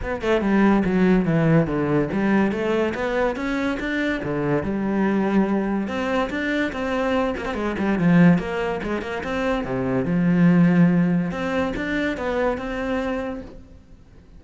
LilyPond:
\new Staff \with { instrumentName = "cello" } { \time 4/4 \tempo 4 = 143 b8 a8 g4 fis4 e4 | d4 g4 a4 b4 | cis'4 d'4 d4 g4~ | g2 c'4 d'4 |
c'4. ais16 c'16 gis8 g8 f4 | ais4 gis8 ais8 c'4 c4 | f2. c'4 | d'4 b4 c'2 | }